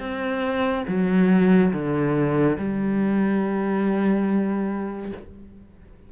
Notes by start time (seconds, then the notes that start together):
0.00 C4
0.88 F#3
1.74 D3
2.59 G3